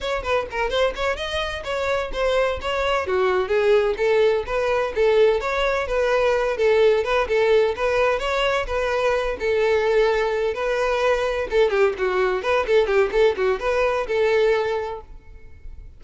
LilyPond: \new Staff \with { instrumentName = "violin" } { \time 4/4 \tempo 4 = 128 cis''8 b'8 ais'8 c''8 cis''8 dis''4 cis''8~ | cis''8 c''4 cis''4 fis'4 gis'8~ | gis'8 a'4 b'4 a'4 cis''8~ | cis''8 b'4. a'4 b'8 a'8~ |
a'8 b'4 cis''4 b'4. | a'2~ a'8 b'4.~ | b'8 a'8 g'8 fis'4 b'8 a'8 g'8 | a'8 fis'8 b'4 a'2 | }